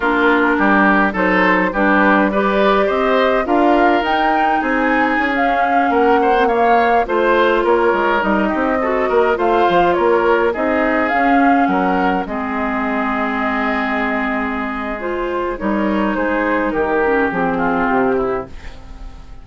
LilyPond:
<<
  \new Staff \with { instrumentName = "flute" } { \time 4/4 \tempo 4 = 104 ais'2 c''4 b'4 | d''4 dis''4 f''4 g''4 | gis''4~ gis''16 f''4 fis''4 f''8.~ | f''16 c''4 cis''4 dis''4.~ dis''16~ |
dis''16 f''4 cis''4 dis''4 f''8.~ | f''16 fis''4 dis''2~ dis''8.~ | dis''2 c''4 cis''4 | c''4 ais'4 gis'4 g'4 | }
  \new Staff \with { instrumentName = "oboe" } { \time 4/4 f'4 g'4 a'4 g'4 | b'4 c''4 ais'2 | gis'2~ gis'16 ais'8 c''8 cis''8.~ | cis''16 c''4 ais'4. g'8 a'8 ais'16~ |
ais'16 c''4 ais'4 gis'4.~ gis'16~ | gis'16 ais'4 gis'2~ gis'8.~ | gis'2. ais'4 | gis'4 g'4. f'4 e'8 | }
  \new Staff \with { instrumentName = "clarinet" } { \time 4/4 d'2 dis'4 d'4 | g'2 f'4 dis'4~ | dis'4~ dis'16 cis'4.~ cis'16 c'16 ais8.~ | ais16 f'2 dis'4 fis'8.~ |
fis'16 f'2 dis'4 cis'8.~ | cis'4~ cis'16 c'2~ c'8.~ | c'2 f'4 dis'4~ | dis'4. cis'8 c'2 | }
  \new Staff \with { instrumentName = "bassoon" } { \time 4/4 ais4 g4 fis4 g4~ | g4 c'4 d'4 dis'4 | c'4 cis'4~ cis'16 ais4.~ ais16~ | ais16 a4 ais8 gis8 g8 c'4 ais16~ |
ais16 a8 f8 ais4 c'4 cis'8.~ | cis'16 fis4 gis2~ gis8.~ | gis2. g4 | gis4 dis4 f4 c4 | }
>>